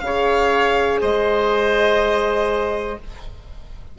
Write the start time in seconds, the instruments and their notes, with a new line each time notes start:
0.00 bassoon C#3, horn G#4, violin F5
0.06 oboe C#5
1.01 bassoon G#3, oboe C5, violin D#5